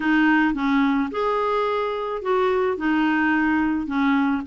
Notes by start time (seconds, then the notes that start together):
0.00 D#4
0.54 C#4
1.11 G#4
2.21 F#4
2.77 D#4
3.86 C#4